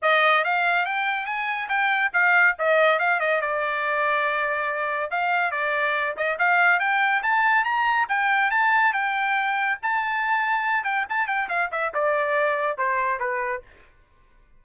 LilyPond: \new Staff \with { instrumentName = "trumpet" } { \time 4/4 \tempo 4 = 141 dis''4 f''4 g''4 gis''4 | g''4 f''4 dis''4 f''8 dis''8 | d''1 | f''4 d''4. dis''8 f''4 |
g''4 a''4 ais''4 g''4 | a''4 g''2 a''4~ | a''4. g''8 a''8 g''8 f''8 e''8 | d''2 c''4 b'4 | }